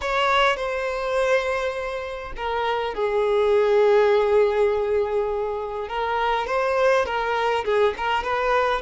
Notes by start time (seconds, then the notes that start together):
0.01 C#5
0.56 C5
2.36 A#4
2.94 G#4
5.88 A#4
6.47 C5
7.05 A#4
7.64 G#4
7.97 A#4
8.23 B4